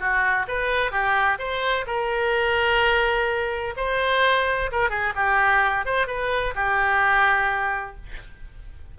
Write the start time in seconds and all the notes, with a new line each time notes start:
0.00 F#4
0.48 B4
0.92 G4
1.39 C5
1.87 A#4
3.77 C5
4.72 A#4
4.90 G#4
5.16 G4
5.86 C5
6.08 B4
6.56 G4